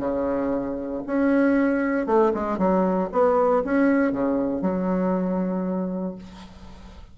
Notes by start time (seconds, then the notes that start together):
0.00 C#3
1.07 C#4
2.07 A3
2.34 G#3
2.59 F#3
3.12 B3
3.65 C#4
4.13 C#3
4.62 F#3